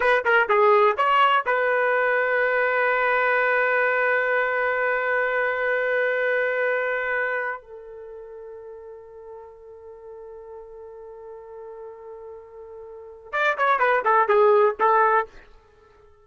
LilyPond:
\new Staff \with { instrumentName = "trumpet" } { \time 4/4 \tempo 4 = 126 b'8 ais'8 gis'4 cis''4 b'4~ | b'1~ | b'1~ | b'1 |
a'1~ | a'1~ | a'1 | d''8 cis''8 b'8 a'8 gis'4 a'4 | }